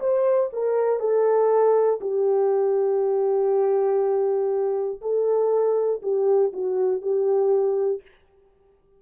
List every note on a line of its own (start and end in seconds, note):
0.00 0.50 C5
0.53 0.99 A#4
0.99 1.99 A4
2.00 5.00 G4
5.01 6.01 A4
6.02 6.52 G4
6.53 7.01 F#4
7.01 8.01 G4